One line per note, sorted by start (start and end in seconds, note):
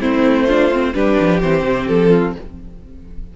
0.00 0.94 A3
0.00 0.48 C4
0.00 0.46 E4
0.00 0.94 C5
0.46 0.71 D4
0.46 0.93 F4
0.72 0.94 C4
0.94 1.18 G3
0.94 1.41 D4
0.94 2.09 G4
0.94 1.40 B4
1.20 1.42 F3
1.41 1.62 E3
1.41 2.36 C4
1.41 1.87 C5
1.62 1.86 C3
1.87 2.35 F3
1.87 2.34 A4
2.09 2.32 F4